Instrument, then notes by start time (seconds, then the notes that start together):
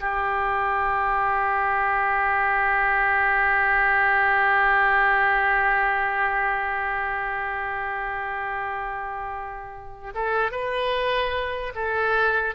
oboe
0.00 G4
10.15 A4
10.51 B4
11.75 A4